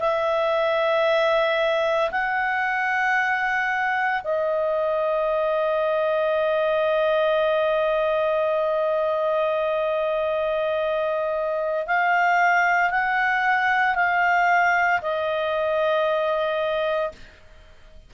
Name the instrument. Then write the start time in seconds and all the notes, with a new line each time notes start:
clarinet
0.00 E5
2.11 F#5
4.24 D#5
11.87 F5
12.90 F#5
13.95 F5
15.01 D#5